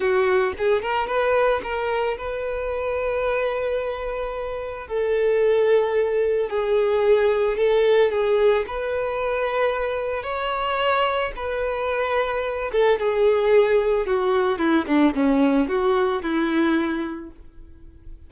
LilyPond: \new Staff \with { instrumentName = "violin" } { \time 4/4 \tempo 4 = 111 fis'4 gis'8 ais'8 b'4 ais'4 | b'1~ | b'4 a'2. | gis'2 a'4 gis'4 |
b'2. cis''4~ | cis''4 b'2~ b'8 a'8 | gis'2 fis'4 e'8 d'8 | cis'4 fis'4 e'2 | }